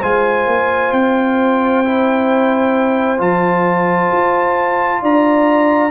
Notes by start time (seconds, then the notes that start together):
0.00 G#3 F4 C5 G#5
0.47 A#3
0.92 C4 G5
1.85 E4
3.18 F3 F4 A5
4.12 F4
5.02 D4 D5 A#5